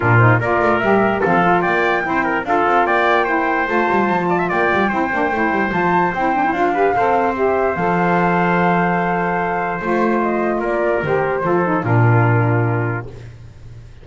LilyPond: <<
  \new Staff \with { instrumentName = "flute" } { \time 4/4 \tempo 4 = 147 ais'8 c''8 d''4 e''4 f''4 | g''2 f''4 g''4~ | g''4 a''2 g''4~ | g''2 a''4 g''4 |
f''2 e''4 f''4~ | f''1 | c''4 dis''4 d''4 c''4~ | c''4 ais'2. | }
  \new Staff \with { instrumentName = "trumpet" } { \time 4/4 f'4 ais'2 a'4 | d''4 c''8 ais'8 a'4 d''4 | c''2~ c''8 d''16 e''16 d''4 | c''1~ |
c''8 b'8 c''2.~ | c''1~ | c''2 ais'2 | a'4 f'2. | }
  \new Staff \with { instrumentName = "saxophone" } { \time 4/4 d'8 dis'8 f'4 g'4 c'8 f'8~ | f'4 e'4 f'2 | e'4 f'2. | e'8 d'8 e'4 f'4 e'8 d'16 e'16 |
f'8 g'8 a'4 g'4 a'4~ | a'1 | f'2. g'4 | f'8 dis'8 d'2. | }
  \new Staff \with { instrumentName = "double bass" } { \time 4/4 ais,4 ais8 a8 g4 f4 | ais4 c'4 d'8 c'8 ais4~ | ais4 a8 g8 f4 ais8 g8 | c'8 ais8 a8 g8 f4 c'4 |
d'4 c'2 f4~ | f1 | a2 ais4 dis4 | f4 ais,2. | }
>>